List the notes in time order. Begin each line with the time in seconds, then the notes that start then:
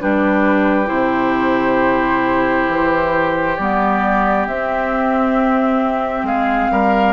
0.00 G3 D4 G4 B4
0.86 C3 E4 C5
2.68 E3
3.56 G3 B3 D5
4.47 C4 E5
6.23 G#3 G#4 F5
6.71 G3 A#4